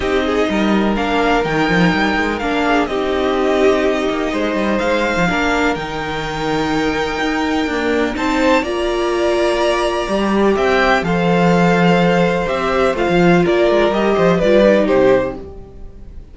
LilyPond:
<<
  \new Staff \with { instrumentName = "violin" } { \time 4/4 \tempo 4 = 125 dis''2 f''4 g''4~ | g''4 f''4 dis''2~ | dis''2 f''2 | g''1~ |
g''4 a''4 ais''2~ | ais''2 g''4 f''4~ | f''2 e''4 f''4 | d''4 dis''4 d''4 c''4 | }
  \new Staff \with { instrumentName = "violin" } { \time 4/4 g'8 gis'8 ais'2.~ | ais'4. gis'8 g'2~ | g'4 c''2 ais'4~ | ais'1~ |
ais'4 c''4 d''2~ | d''2 e''4 c''4~ | c''1 | ais'4. c''8 b'4 g'4 | }
  \new Staff \with { instrumentName = "viola" } { \time 4/4 dis'2 d'4 dis'4~ | dis'4 d'4 dis'2~ | dis'2. d'4 | dis'1 |
ais4 dis'4 f'2~ | f'4 g'2 a'4~ | a'2 g'4 f'4~ | f'4 g'4 f'8 dis'4. | }
  \new Staff \with { instrumentName = "cello" } { \time 4/4 c'4 g4 ais4 dis8 f8 | g8 gis8 ais4 c'2~ | c'8 ais8 gis8 g8 gis8. f16 ais4 | dis2. dis'4 |
d'4 c'4 ais2~ | ais4 g4 c'4 f4~ | f2 c'4 a16 f8. | ais8 gis8 g8 f8 g4 c4 | }
>>